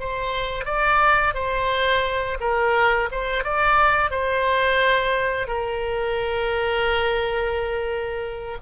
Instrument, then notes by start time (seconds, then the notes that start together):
oboe
0.00 C5
0.66 D5
1.34 C5
2.40 A#4
3.12 C5
3.44 D5
4.11 C5
5.48 A#4